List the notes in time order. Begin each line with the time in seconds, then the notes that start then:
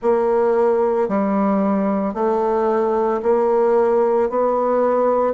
0.02 A#3
1.08 G3
2.14 A3
3.22 A#3
4.29 B3